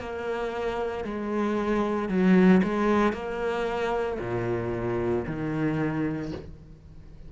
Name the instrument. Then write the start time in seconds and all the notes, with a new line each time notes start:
cello
0.00 A#3
1.04 G#3
2.09 F#3
2.63 G#3
3.12 A#3
4.19 A#2
5.27 D#3